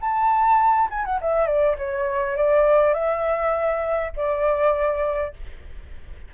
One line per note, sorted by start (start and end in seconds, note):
0.00 0.88 A5
0.90 1.05 G#5
1.05 1.19 F#5
1.21 1.46 E5
1.46 1.76 D5
1.78 2.36 C#5
2.36 2.94 D5
2.94 4.11 E5
4.16 5.33 D5